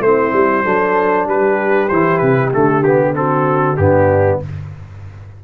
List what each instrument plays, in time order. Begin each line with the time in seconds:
0.00 tuba A3, trombone C4, horn E4, trumpet C5
0.33 tuba G3
0.64 tuba F#3, trombone D4, horn A4
1.26 tuba G3, horn G4, trumpet B4
1.88 tuba E3, trombone E4, trumpet C5
2.18 tuba C3, trumpet B4
2.51 tuba D3, trombone A3, trumpet A4
2.83 trombone B3, trumpet G4
3.14 trombone C4, horn F#4, trumpet A4
3.77 tuba G2, trombone B3, horn D4, trumpet G4